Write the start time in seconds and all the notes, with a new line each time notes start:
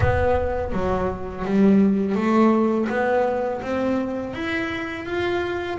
0.00 B3
0.72 F#3
1.44 G3
2.15 A3
2.89 B3
3.61 C4
4.33 E4
5.05 F4